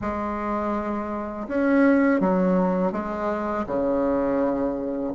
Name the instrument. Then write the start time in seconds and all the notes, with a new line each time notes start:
bassoon
0.01 G#3
1.48 C#4
2.20 F#3
2.91 G#3
3.67 C#3